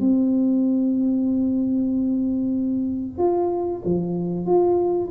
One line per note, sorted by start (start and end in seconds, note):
0.00 3.18 C4
3.18 3.82 F4
3.85 4.46 F3
4.46 5.10 F4